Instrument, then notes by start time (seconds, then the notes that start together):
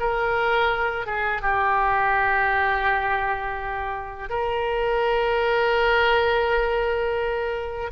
oboe
0.00 A#4
1.06 G#4
1.42 G4
4.30 A#4